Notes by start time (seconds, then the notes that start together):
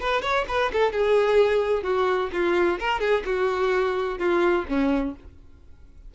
0.00 B4
0.22 C#5
0.48 B4
0.72 A4
0.92 G#4
1.83 F#4
2.32 F4
2.79 A#4
3.00 G#4
3.25 F#4
4.19 F4
4.68 C#4